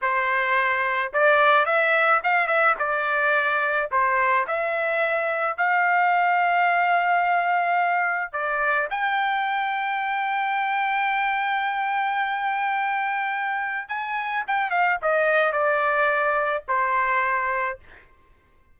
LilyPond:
\new Staff \with { instrumentName = "trumpet" } { \time 4/4 \tempo 4 = 108 c''2 d''4 e''4 | f''8 e''8 d''2 c''4 | e''2 f''2~ | f''2. d''4 |
g''1~ | g''1~ | g''4 gis''4 g''8 f''8 dis''4 | d''2 c''2 | }